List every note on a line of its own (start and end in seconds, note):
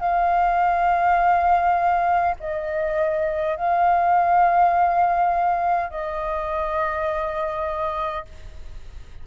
0.00 2.35 F5
2.40 3.56 D#5
3.56 5.90 F5
5.90 8.25 D#5